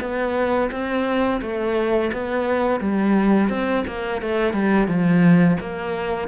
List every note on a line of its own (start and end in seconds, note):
0.00 0.70 B3
0.71 1.40 C4
1.41 2.11 A3
2.13 2.80 B3
2.80 3.49 G3
3.49 3.84 C4
3.87 4.21 A#3
4.21 4.53 A3
4.53 4.87 G3
4.87 5.57 F3
5.60 6.28 A#3